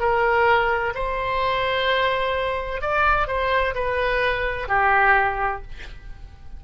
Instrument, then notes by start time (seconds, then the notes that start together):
oboe
0.00 A#4
0.95 C5
2.82 D5
3.28 C5
3.75 B4
4.69 G4